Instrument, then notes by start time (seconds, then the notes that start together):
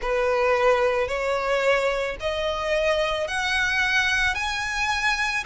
violin
0.01 B4
1.08 C#5
2.20 D#5
3.27 F#5
4.34 G#5